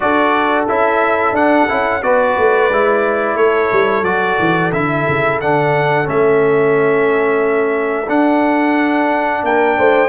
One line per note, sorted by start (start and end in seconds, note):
0.00 0.68 D4
0.00 0.67 F#4
0.00 2.03 A4
0.00 0.65 D5
0.68 1.31 C#4
0.68 1.35 E4
0.68 1.35 E5
1.31 1.65 D4
1.31 1.68 D4
1.31 2.03 F#5
1.68 2.03 C#4
1.68 2.02 E4
2.02 2.36 B3
2.02 2.70 F#4
2.02 3.37 B4
2.02 3.36 D5
2.37 2.70 A3
2.70 3.35 G#3
2.70 4.04 E4
3.35 3.69 A3
3.35 9.44 A4
3.35 4.04 C#5
3.71 4.01 G3
4.01 4.35 F#3
4.01 4.72 F#4
4.01 4.71 D5
4.39 4.72 E3
4.72 5.06 D3
4.72 5.41 E4
4.72 5.39 E5
5.07 5.40 C#3
5.40 6.08 D3
5.40 6.04 D4
5.40 6.08 F#5
6.04 8.08 A3
6.04 8.06 C#4
6.04 8.09 E5
8.07 10.08 D4
8.07 9.43 D4
8.07 9.44 F#5
9.43 9.77 A#3
9.43 9.78 A#4
9.43 10.08 G5
9.78 10.08 A3
9.78 10.08 C5